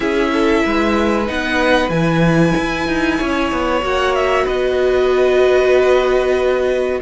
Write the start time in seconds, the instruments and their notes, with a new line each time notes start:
0.00 cello C#4, viola E4, violin G#4 E5
0.32 violin A4
0.64 cello G#3, violin B4
1.25 cello B3, viola D#4, violin F#5
1.89 cello E3, viola E4, violin G#5
2.57 cello E4
2.87 cello D#4
3.18 cello C#4, violin C#5
3.52 cello B3
3.82 cello A#3, viola F#4, violin F#5
4.14 violin E5
4.44 cello B3, violin B4 D#5